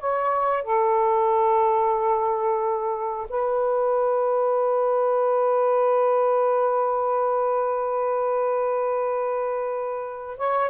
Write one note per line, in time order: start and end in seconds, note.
0.00 0.64 C#5
0.64 3.28 A4
3.30 10.38 B4
10.38 10.71 C#5